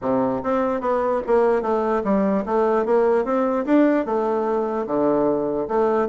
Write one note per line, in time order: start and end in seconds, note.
0.01 0.42 C3
0.43 0.81 C4
0.81 1.21 B3
1.26 1.62 A#3
1.62 2.02 A3
2.04 2.44 G3
2.45 2.85 A3
2.85 3.24 A#3
3.24 3.65 C4
3.65 4.05 D4
4.05 4.86 A3
4.86 5.67 D3
5.68 6.08 A3